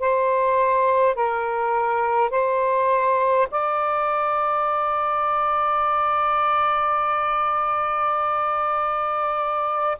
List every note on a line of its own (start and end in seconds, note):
0.00 1.16 C5
1.16 2.30 A#4
2.30 3.48 C5
3.51 9.98 D5